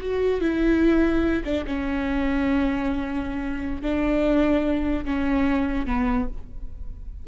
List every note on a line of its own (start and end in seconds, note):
0.00 0.41 F#4
0.41 1.43 E4
1.44 1.65 D4
1.66 3.81 C#4
3.81 5.05 D4
5.05 5.86 C#4
5.86 6.27 B3